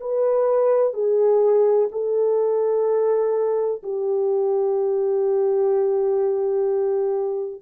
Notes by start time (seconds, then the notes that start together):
0.00 B4
0.93 G#4
1.92 A4
3.83 G4